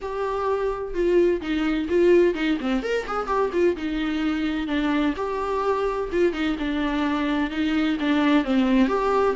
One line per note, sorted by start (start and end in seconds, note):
0.01 0.94 G4
0.94 1.40 F4
1.41 1.87 D#4
1.89 2.34 F4
2.34 2.58 D#4
2.60 2.82 C4
2.82 3.06 A#4
3.07 3.26 G#4
3.26 3.50 G4
3.52 3.76 F4
3.76 4.67 D#4
4.67 5.13 D4
5.16 6.10 G4
6.12 6.33 F4
6.33 6.56 D#4
6.58 7.50 D4
7.50 7.97 D#4
7.99 8.44 D4
8.44 8.88 C4
8.88 9.35 G4